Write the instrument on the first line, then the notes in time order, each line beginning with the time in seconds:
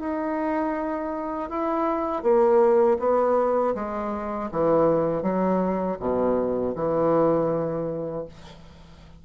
bassoon
0.00 D#4
1.50 E4
2.23 A#3
3.00 B3
3.75 G#3
4.52 E3
5.23 F#3
6.00 B2
6.75 E3